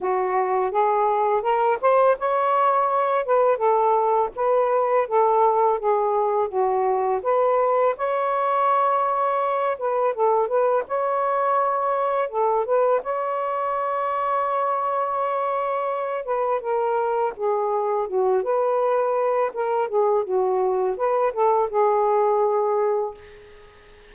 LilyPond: \new Staff \with { instrumentName = "saxophone" } { \time 4/4 \tempo 4 = 83 fis'4 gis'4 ais'8 c''8 cis''4~ | cis''8 b'8 a'4 b'4 a'4 | gis'4 fis'4 b'4 cis''4~ | cis''4. b'8 a'8 b'8 cis''4~ |
cis''4 a'8 b'8 cis''2~ | cis''2~ cis''8 b'8 ais'4 | gis'4 fis'8 b'4. ais'8 gis'8 | fis'4 b'8 a'8 gis'2 | }